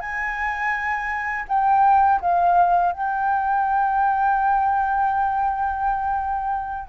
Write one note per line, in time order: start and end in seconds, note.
0.00 1.45 G#5
1.48 2.20 G5
2.20 2.92 F5
2.92 6.88 G5